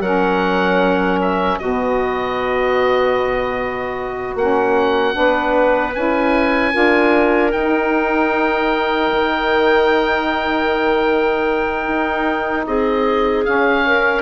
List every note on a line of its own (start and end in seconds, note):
0.00 1.58 F#3
0.00 1.60 C#4
0.00 1.59 A#4
0.00 1.19 F#5
1.21 1.58 E5
1.58 4.35 B2
1.58 4.37 B3
1.58 5.15 F#4
1.58 4.35 D#5
4.35 5.14 A#3
4.35 5.12 C#4
4.35 5.94 F#5
5.12 5.95 B3
5.12 5.91 D4
5.12 6.73 B4
5.94 6.74 C#4
5.94 6.71 E4
5.94 7.51 G#5
6.71 7.53 D4
6.71 7.50 F4
6.71 12.65 A#4
7.51 9.11 D#4
7.51 13.44 D#4
7.51 12.65 G5
9.12 11.87 D#3
11.87 12.66 D#4
12.66 13.45 C4
12.66 13.85 G#4
12.66 13.44 D#5
13.44 14.22 C#4
13.44 14.22 F5
13.85 14.22 A#4